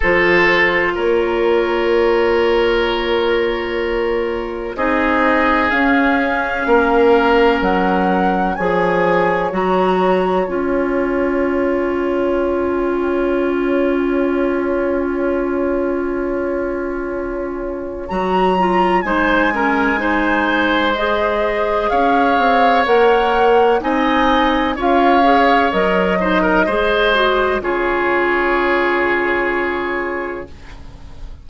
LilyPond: <<
  \new Staff \with { instrumentName = "flute" } { \time 4/4 \tempo 4 = 63 c''4 cis''2.~ | cis''4 dis''4 f''2 | fis''4 gis''4 ais''4 gis''4~ | gis''1~ |
gis''2. ais''4 | gis''2 dis''4 f''4 | fis''4 gis''4 f''4 dis''4~ | dis''4 cis''2. | }
  \new Staff \with { instrumentName = "oboe" } { \time 4/4 a'4 ais'2.~ | ais'4 gis'2 ais'4~ | ais'4 cis''2.~ | cis''1~ |
cis''1 | c''8 ais'8 c''2 cis''4~ | cis''4 dis''4 cis''4. c''16 ais'16 | c''4 gis'2. | }
  \new Staff \with { instrumentName = "clarinet" } { \time 4/4 f'1~ | f'4 dis'4 cis'2~ | cis'4 gis'4 fis'4 f'4~ | f'1~ |
f'2. fis'8 f'8 | dis'8 cis'8 dis'4 gis'2 | ais'4 dis'4 f'8 gis'8 ais'8 dis'8 | gis'8 fis'8 f'2. | }
  \new Staff \with { instrumentName = "bassoon" } { \time 4/4 f4 ais2.~ | ais4 c'4 cis'4 ais4 | fis4 f4 fis4 cis'4~ | cis'1~ |
cis'2. fis4 | gis2. cis'8 c'8 | ais4 c'4 cis'4 fis4 | gis4 cis2. | }
>>